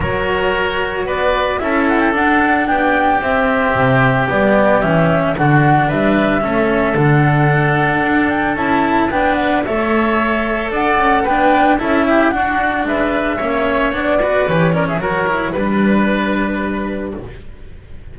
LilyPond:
<<
  \new Staff \with { instrumentName = "flute" } { \time 4/4 \tempo 4 = 112 cis''2 d''4 e''8 fis''16 g''16 | fis''4 g''4 e''2 | d''4 e''4 fis''4 e''4~ | e''4 fis''2~ fis''8 g''8 |
a''4 g''8 fis''8 e''2 | fis''4 g''4 e''4 fis''4 | e''2 d''4 cis''8 d''16 e''16 | cis''4 b'2. | }
  \new Staff \with { instrumentName = "oboe" } { \time 4/4 ais'2 b'4 a'4~ | a'4 g'2.~ | g'2 fis'4 b'4 | a'1~ |
a'4 b'4 cis''2 | d''4 b'4 a'8 g'8 fis'4 | b'4 cis''4. b'4 ais'16 gis'16 | ais'4 b'2. | }
  \new Staff \with { instrumentName = "cello" } { \time 4/4 fis'2. e'4 | d'2 c'2 | b4 cis'4 d'2 | cis'4 d'2. |
e'4 d'4 a'2~ | a'4 d'4 e'4 d'4~ | d'4 cis'4 d'8 fis'8 g'8 cis'8 | fis'8 e'8 d'2. | }
  \new Staff \with { instrumentName = "double bass" } { \time 4/4 fis2 b4 cis'4 | d'4 b4 c'4 c4 | g4 e4 d4 g4 | a4 d2 d'4 |
cis'4 b4 a2 | d'8 cis'8 b4 cis'4 d'4 | gis4 ais4 b4 e4 | fis4 g2. | }
>>